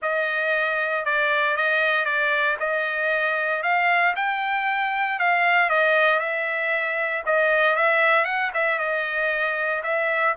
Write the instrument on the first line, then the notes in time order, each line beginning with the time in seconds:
trumpet
0.01 D#5
1.05 D5
1.56 D#5
2.05 D5
2.59 D#5
3.62 F5
4.15 G5
5.19 F5
5.69 D#5
6.19 E5
7.26 D#5
7.76 E5
8.24 F#5
8.54 E5
8.79 D#5
9.83 E5